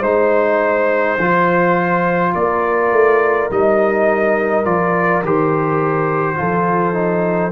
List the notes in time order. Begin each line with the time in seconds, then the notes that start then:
0.00 G#3 D#4 C5
1.18 F3 F4
2.34 A#3 A#4 D5
2.91 A3
3.50 G3 D#4 D#5
4.65 F3 F4 D5
5.23 D#3 G4 C5
6.36 F3 F4 A4
6.94 D#4